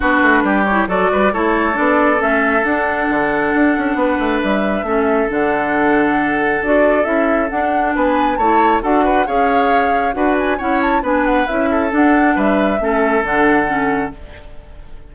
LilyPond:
<<
  \new Staff \with { instrumentName = "flute" } { \time 4/4 \tempo 4 = 136 b'4. cis''8 d''4 cis''4 | d''4 e''4 fis''2~ | fis''2 e''2 | fis''2. d''4 |
e''4 fis''4 gis''4 a''4 | fis''4 f''2 fis''8 gis''8 | fis''8 a''8 gis''8 fis''8 e''4 fis''4 | e''2 fis''2 | }
  \new Staff \with { instrumentName = "oboe" } { \time 4/4 fis'4 g'4 a'8 b'8 a'4~ | a'1~ | a'4 b'2 a'4~ | a'1~ |
a'2 b'4 cis''4 | a'8 b'8 cis''2 b'4 | cis''4 b'4. a'4. | b'4 a'2. | }
  \new Staff \with { instrumentName = "clarinet" } { \time 4/4 d'4. e'8 fis'4 e'4 | d'4 cis'4 d'2~ | d'2. cis'4 | d'2. fis'4 |
e'4 d'2 e'4 | fis'4 gis'2 fis'4 | e'4 d'4 e'4 d'4~ | d'4 cis'4 d'4 cis'4 | }
  \new Staff \with { instrumentName = "bassoon" } { \time 4/4 b8 a8 g4 fis8 g8 a4 | b4 a4 d'4 d4 | d'8 cis'8 b8 a8 g4 a4 | d2. d'4 |
cis'4 d'4 b4 a4 | d'4 cis'2 d'4 | cis'4 b4 cis'4 d'4 | g4 a4 d2 | }
>>